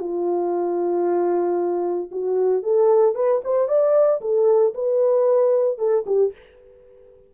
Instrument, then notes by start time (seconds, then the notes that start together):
horn
0.00 F4
2.12 F#4
2.63 A4
3.15 B4
3.44 C5
3.68 D5
4.21 A4
4.74 B4
5.78 A4
6.07 G4